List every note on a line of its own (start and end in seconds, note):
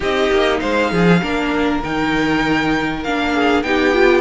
0.00 0.31 C4
0.00 1.21 D#4
0.00 0.59 G4
0.00 0.59 D#5
0.31 0.61 A#3
0.59 0.92 G#3
0.59 0.90 C5
0.59 1.81 F5
0.90 1.22 F3
0.90 1.21 G#4
1.22 1.83 A#3
1.22 1.82 D4
1.22 3.33 A#4
1.83 3.04 D#3
1.83 3.05 D#4
1.83 3.03 G5
3.03 3.63 A#3
3.03 3.64 D4
3.03 3.62 F5
3.33 3.64 G#4
3.62 4.21 B3
3.62 3.93 D#4
3.62 4.21 G4
3.62 4.21 G5
3.93 4.21 F4